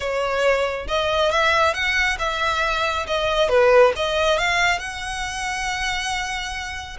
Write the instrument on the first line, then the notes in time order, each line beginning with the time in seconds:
violin
0.00 C#5
0.87 D#5
1.31 E5
1.73 F#5
2.18 E5
3.07 D#5
3.49 B4
3.96 D#5
4.38 F5
4.78 F#5